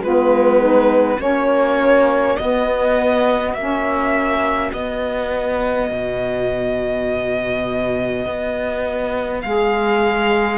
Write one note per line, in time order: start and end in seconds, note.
0.00 1.18 G#3
0.00 1.20 B3
0.00 0.61 F4
0.00 1.21 B4
0.61 1.18 D#4
1.18 2.36 A#3
1.18 2.38 C#4
1.18 9.41 F#4
1.18 2.37 C#5
2.37 3.54 B3
2.37 3.58 B3
2.37 3.54 D#5
3.54 4.71 A#3
3.54 4.72 C#4
3.54 4.72 E5
4.72 10.58 B3
4.72 5.91 B3
4.72 9.41 D#5
5.91 8.26 B2
8.26 9.44 B3
9.41 10.58 G#3
9.41 10.58 G#4
9.41 10.58 F5